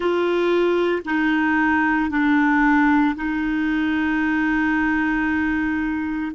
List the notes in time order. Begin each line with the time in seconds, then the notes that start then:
0.00 F4
1.05 D#4
2.10 D4
3.16 D#4